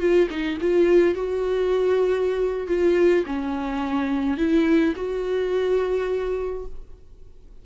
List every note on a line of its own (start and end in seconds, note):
0.00 0.28 F4
0.30 0.59 D#4
0.61 1.15 F4
1.15 2.68 F#4
2.68 3.24 F4
3.27 4.38 C#4
4.38 4.94 E4
4.96 6.66 F#4